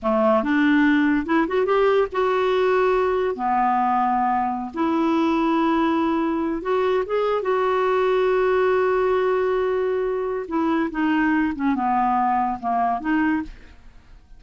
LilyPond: \new Staff \with { instrumentName = "clarinet" } { \time 4/4 \tempo 4 = 143 a4 d'2 e'8 fis'8 | g'4 fis'2. | b2.~ b16 e'8.~ | e'2.~ e'8. fis'16~ |
fis'8. gis'4 fis'2~ fis'16~ | fis'1~ | fis'4 e'4 dis'4. cis'8 | b2 ais4 dis'4 | }